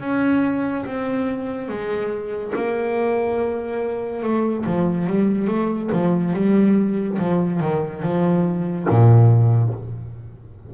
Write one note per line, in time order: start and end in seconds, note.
0.00 0.85 C#4
0.85 1.68 C4
1.68 2.53 G#3
2.55 4.22 A#3
4.22 4.64 A3
4.66 5.07 F3
5.07 5.47 G3
5.47 5.90 A3
5.92 6.33 F3
6.33 7.18 G3
7.18 7.60 F3
7.60 8.02 D#3
8.02 8.87 F3
8.89 9.74 A#2